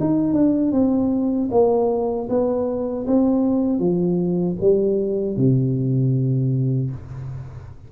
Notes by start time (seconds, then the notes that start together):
0.00 D#4
0.33 D4
0.72 C4
1.51 A#3
2.29 B3
3.07 C4
3.79 F3
4.60 G3
5.37 C3